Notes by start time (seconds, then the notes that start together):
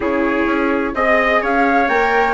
0.00 C#3 E4 G#4 C#5
0.45 C#4
0.94 C4 G#4 D#5
1.42 C#4 C#5 F5
1.88 A#3 A#4 G5